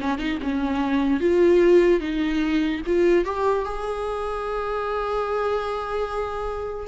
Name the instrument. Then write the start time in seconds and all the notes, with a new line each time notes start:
viola
0.00 C#4
0.18 D#4
0.42 C#4
1.20 F4
2.00 D#4
2.86 F4
3.25 G4
3.65 G#4